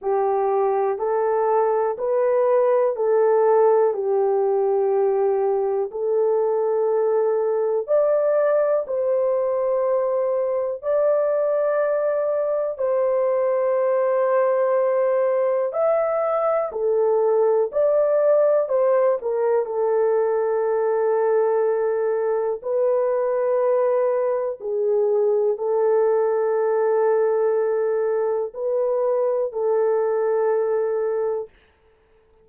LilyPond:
\new Staff \with { instrumentName = "horn" } { \time 4/4 \tempo 4 = 61 g'4 a'4 b'4 a'4 | g'2 a'2 | d''4 c''2 d''4~ | d''4 c''2. |
e''4 a'4 d''4 c''8 ais'8 | a'2. b'4~ | b'4 gis'4 a'2~ | a'4 b'4 a'2 | }